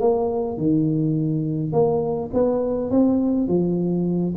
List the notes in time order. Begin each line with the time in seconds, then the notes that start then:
0.00 A#3
0.57 D#3
1.72 A#3
2.33 B3
2.90 C4
3.48 F3